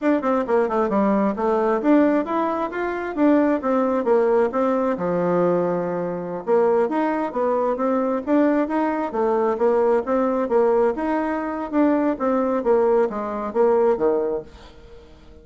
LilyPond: \new Staff \with { instrumentName = "bassoon" } { \time 4/4 \tempo 4 = 133 d'8 c'8 ais8 a8 g4 a4 | d'4 e'4 f'4 d'4 | c'4 ais4 c'4 f4~ | f2~ f16 ais4 dis'8.~ |
dis'16 b4 c'4 d'4 dis'8.~ | dis'16 a4 ais4 c'4 ais8.~ | ais16 dis'4.~ dis'16 d'4 c'4 | ais4 gis4 ais4 dis4 | }